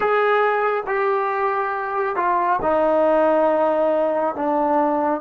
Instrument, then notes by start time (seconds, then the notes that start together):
trombone
0.00 G#4
0.86 G4
2.15 F4
2.62 D#4
4.35 D4